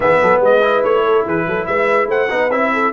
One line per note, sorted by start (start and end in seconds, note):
0.00 0.20 E3
0.00 0.60 B3
0.00 0.20 G#4
0.00 0.42 E5
0.21 0.40 F#3
0.21 0.42 A4
0.40 0.82 G#3
0.40 1.04 B4
0.40 0.83 D#5
0.60 2.28 E4
0.83 1.25 A3
0.83 1.25 C#5
1.04 1.25 A4
1.25 1.46 E3
1.25 1.46 G#4
1.25 1.66 B4
1.46 1.67 F#3
1.46 1.67 A4
1.66 2.06 G#3
1.66 2.09 B4
1.66 2.08 E5
2.06 2.27 A3
2.06 2.28 C5
2.06 2.50 F#5
2.28 2.49 B3
2.28 2.50 D#4
2.28 2.70 B4
2.49 2.91 C4
2.49 2.92 E4
2.49 2.92 E5
2.73 2.92 A4